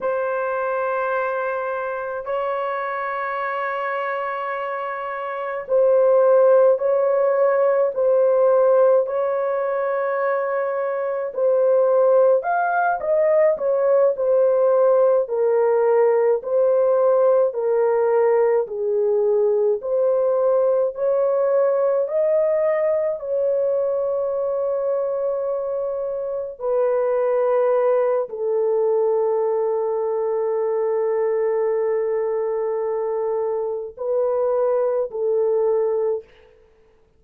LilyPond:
\new Staff \with { instrumentName = "horn" } { \time 4/4 \tempo 4 = 53 c''2 cis''2~ | cis''4 c''4 cis''4 c''4 | cis''2 c''4 f''8 dis''8 | cis''8 c''4 ais'4 c''4 ais'8~ |
ais'8 gis'4 c''4 cis''4 dis''8~ | dis''8 cis''2. b'8~ | b'4 a'2.~ | a'2 b'4 a'4 | }